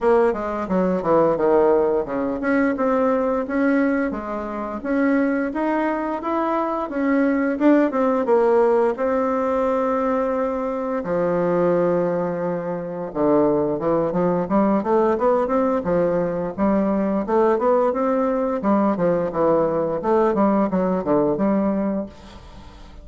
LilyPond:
\new Staff \with { instrumentName = "bassoon" } { \time 4/4 \tempo 4 = 87 ais8 gis8 fis8 e8 dis4 cis8 cis'8 | c'4 cis'4 gis4 cis'4 | dis'4 e'4 cis'4 d'8 c'8 | ais4 c'2. |
f2. d4 | e8 f8 g8 a8 b8 c'8 f4 | g4 a8 b8 c'4 g8 f8 | e4 a8 g8 fis8 d8 g4 | }